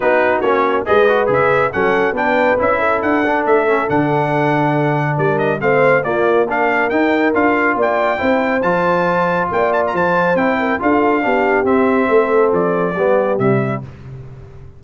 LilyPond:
<<
  \new Staff \with { instrumentName = "trumpet" } { \time 4/4 \tempo 4 = 139 b'4 cis''4 dis''4 e''4 | fis''4 g''4 e''4 fis''4 | e''4 fis''2. | d''8 dis''8 f''4 d''4 f''4 |
g''4 f''4 g''2 | a''2 g''8 a''16 ais''16 a''4 | g''4 f''2 e''4~ | e''4 d''2 e''4 | }
  \new Staff \with { instrumentName = "horn" } { \time 4/4 fis'2 b'2 | a'4 b'4. a'4.~ | a'1 | ais'4 c''4 f'4 ais'4~ |
ais'2 d''4 c''4~ | c''2 d''4 c''4~ | c''8 ais'8 a'4 g'2 | a'2 g'2 | }
  \new Staff \with { instrumentName = "trombone" } { \time 4/4 dis'4 cis'4 gis'8 fis'8 gis'4 | cis'4 d'4 e'4. d'8~ | d'8 cis'8 d'2.~ | d'4 c'4 ais4 d'4 |
dis'4 f'2 e'4 | f'1 | e'4 f'4 d'4 c'4~ | c'2 b4 g4 | }
  \new Staff \with { instrumentName = "tuba" } { \time 4/4 b4 ais4 gis4 cis4 | fis4 b4 cis'4 d'4 | a4 d2. | g4 a4 ais2 |
dis'4 d'4 ais4 c'4 | f2 ais4 f4 | c'4 d'4 b4 c'4 | a4 f4 g4 c4 | }
>>